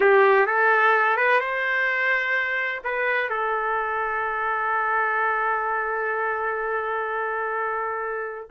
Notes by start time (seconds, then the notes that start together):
0.00 G4
0.46 A4
1.16 B4
1.40 C5
2.84 B4
3.29 A4